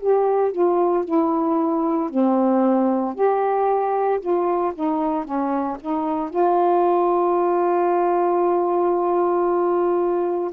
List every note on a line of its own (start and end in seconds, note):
0.00 0.52 G4
0.52 1.05 F4
1.05 2.10 E4
2.10 3.15 C4
3.15 4.21 G4
4.21 4.73 F4
4.75 5.25 D#4
5.25 5.78 C#4
5.81 6.31 D#4
6.31 10.52 F4